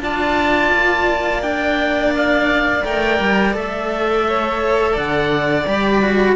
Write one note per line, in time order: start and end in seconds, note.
0.00 0.71 D4
0.00 1.42 F4
0.00 4.27 D5
0.00 1.42 A5
0.73 2.84 A#3
1.42 2.83 D4
1.42 2.13 G5
2.16 2.85 F5
2.84 3.19 A3
2.84 3.53 A#4
2.84 3.55 G5
3.19 3.55 G3
3.53 4.95 A3
3.53 5.65 A4
3.53 4.97 E5
4.28 4.92 C#5
4.92 5.66 D3
4.92 6.33 D5
4.92 5.66 F#5
5.66 6.36 G3
5.66 6.02 G4
5.66 6.36 B5
6.02 6.36 F#4